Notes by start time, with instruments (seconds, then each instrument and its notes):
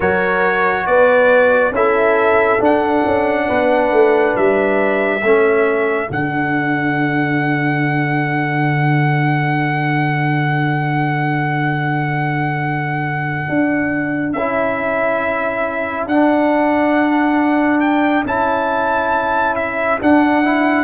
0.00 tuba F#3, trombone F#4, horn A#4, trumpet C#5
0.86 tuba B3, horn B4, trumpet D5
1.70 tuba C#4, trombone E4, horn A4, trumpet E5
2.59 trombone D4, tuba D4, trumpet F#5
3.05 tuba C#4
3.46 tuba B3, horn B4
3.92 tuba A3
4.36 tuba G3, trumpet E5
5.20 tuba A3, trombone C#4, horn A4
6.07 tuba D3, trombone D4, trumpet F#5
13.48 tuba D4
14.32 tuba C#4, trombone E4, trumpet E5
16.06 tuba D4, trombone D4, trumpet F#5
17.80 trumpet G5
18.25 tuba C#4, trombone E4, trumpet A5
19.55 trumpet E5
20.01 trombone D4, tuba D4, trumpet F#5
20.43 trombone E4